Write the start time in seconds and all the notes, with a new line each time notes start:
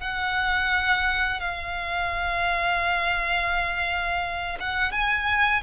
0.00 F#5
1.40 F5
4.60 F#5
4.92 G#5